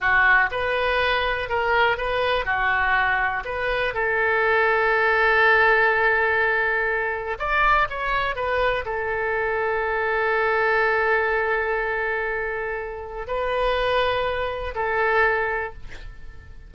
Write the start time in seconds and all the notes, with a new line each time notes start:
0.00 F#4
0.51 B4
1.49 A#4
1.97 B4
2.45 F#4
3.44 B4
3.93 A4
7.38 D5
7.89 C#5
8.35 B4
8.85 A4
13.27 B4
14.74 A4